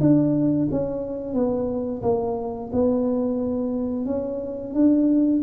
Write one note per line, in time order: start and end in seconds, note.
0.00 0.68 D4
0.71 1.34 C#4
1.34 2.02 B3
2.02 2.70 A#3
2.72 4.05 B3
4.05 4.74 C#4
4.74 5.42 D4